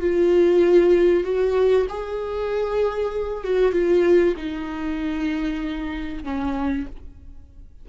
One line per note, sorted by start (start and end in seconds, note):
0.00 1.24 F4
1.24 1.86 F#4
1.89 3.43 G#4
3.43 3.72 F#4
3.72 4.34 F4
4.37 6.24 D#4
6.24 6.86 C#4